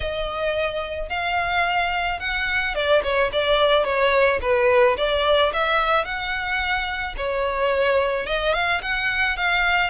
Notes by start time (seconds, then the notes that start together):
0.00 D#5
1.09 F5
2.19 F#5
2.74 D5
3.03 C#5
3.32 D5
3.84 C#5
4.41 B4
4.97 D5
5.53 E5
6.04 F#5
7.17 C#5
8.26 D#5
8.53 F5
8.82 F#5
9.37 F5